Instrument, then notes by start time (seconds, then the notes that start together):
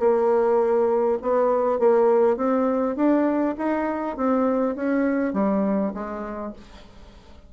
bassoon
0.00 A#3
1.22 B3
1.80 A#3
2.37 C4
2.96 D4
3.58 D#4
4.17 C4
4.76 C#4
5.34 G3
5.94 G#3